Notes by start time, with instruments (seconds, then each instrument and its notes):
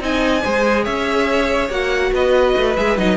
0.00 cello C4, viola D#4, violin D#5 G#5
0.44 cello G#3, viola G#4, violin C5
0.84 cello C#4, violin C#5 E5
1.69 cello A#3, viola F#4, violin F#5
2.12 cello B3, violin B4 D#5
2.57 cello A3
2.76 cello G#3, viola G#4, violin E5
2.98 cello F#3, viola D#4, violin D#5